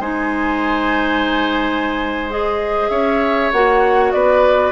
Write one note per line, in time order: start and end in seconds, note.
0.00 2.90 G#3
0.00 2.30 D#4
0.00 2.90 C5
0.00 2.31 G#5
2.30 3.53 G#4
2.30 2.90 D#5
2.90 3.51 C#4
2.90 4.13 C#5
2.90 3.51 E5
3.52 4.14 A#3
3.52 4.72 F#4
3.52 4.12 F#5
4.12 4.72 B3
4.12 4.72 B4
4.12 4.72 D5